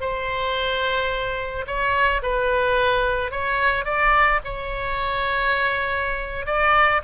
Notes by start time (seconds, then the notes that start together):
0.00 C5
1.66 C#5
2.22 B4
3.31 C#5
3.84 D5
4.44 C#5
6.46 D5